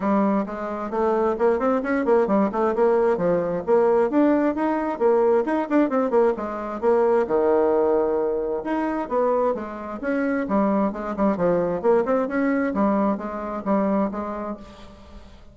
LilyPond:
\new Staff \with { instrumentName = "bassoon" } { \time 4/4 \tempo 4 = 132 g4 gis4 a4 ais8 c'8 | cis'8 ais8 g8 a8 ais4 f4 | ais4 d'4 dis'4 ais4 | dis'8 d'8 c'8 ais8 gis4 ais4 |
dis2. dis'4 | b4 gis4 cis'4 g4 | gis8 g8 f4 ais8 c'8 cis'4 | g4 gis4 g4 gis4 | }